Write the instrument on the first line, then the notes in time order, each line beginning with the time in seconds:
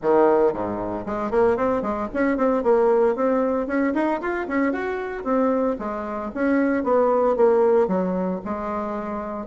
bassoon
0.02 D#3
0.53 G#2
1.06 G#3
1.31 A#3
1.56 C4
1.82 G#3
2.13 C#4
2.37 C4
2.63 A#3
3.15 C4
3.67 C#4
3.94 D#4
4.21 F4
4.47 C#4
4.72 F#4
5.24 C4
5.78 G#3
6.34 C#4
6.83 B3
7.36 A#3
7.87 F#3
8.44 G#3